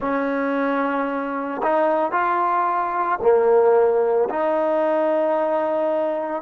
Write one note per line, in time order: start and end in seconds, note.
0.00 1.61 C#4
1.62 2.11 D#4
2.11 3.19 F4
3.21 4.29 A#3
4.29 6.42 D#4